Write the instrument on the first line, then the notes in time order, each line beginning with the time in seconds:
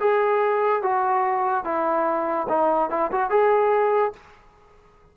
trombone
0.00 G#4
0.83 F#4
1.64 E4
2.49 D#4
2.90 E4
3.12 F#4
3.30 G#4